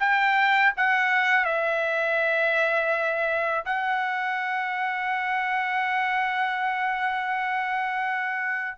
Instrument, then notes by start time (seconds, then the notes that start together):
trumpet
0.00 G5
0.77 F#5
1.45 E5
3.66 F#5